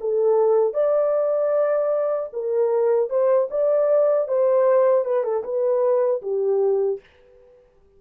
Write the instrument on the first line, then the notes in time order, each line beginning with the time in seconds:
horn
0.00 A4
0.73 D5
2.32 A#4
3.09 C5
3.50 D5
4.28 C5
5.05 B4
5.23 A4
5.43 B4
6.22 G4